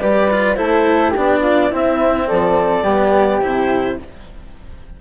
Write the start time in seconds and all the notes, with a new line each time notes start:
0.00 G3 G4 B4 D5
0.31 F4
0.54 A3 E4 A4 C5
1.10 G4
1.17 B3 D4 D5
1.41 F4
1.70 C4 E4 E5
2.28 F3 A4 D5
2.83 G3 B3 G4
3.41 C3 E4 C5